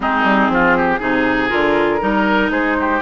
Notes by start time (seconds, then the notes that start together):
0.00 G#3 C4 D#4 G#4
0.23 G3
0.49 F3 F4
0.76 G4
0.99 C3 D#4 G#4
1.48 D3 F4 A#4
1.99 G3 D#4 A#4
2.50 G#3 G#4 C5
2.79 G4